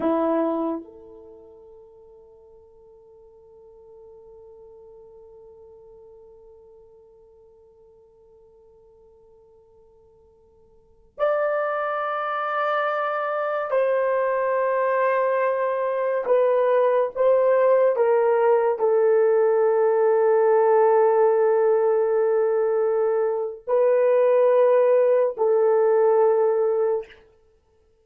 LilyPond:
\new Staff \with { instrumentName = "horn" } { \time 4/4 \tempo 4 = 71 e'4 a'2.~ | a'1~ | a'1~ | a'4~ a'16 d''2~ d''8.~ |
d''16 c''2. b'8.~ | b'16 c''4 ais'4 a'4.~ a'16~ | a'1 | b'2 a'2 | }